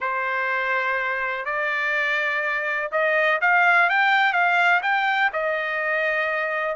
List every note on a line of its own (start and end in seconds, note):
0.00 1.45 C5
1.45 2.90 D5
2.91 3.39 D#5
3.41 3.89 F5
3.89 4.32 G5
4.32 4.81 F5
4.82 5.30 G5
5.32 6.75 D#5